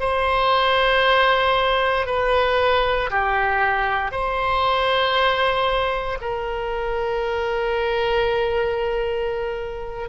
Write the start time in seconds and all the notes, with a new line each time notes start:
0.00 C5
2.06 B4
3.10 G4
4.11 C5
6.21 A#4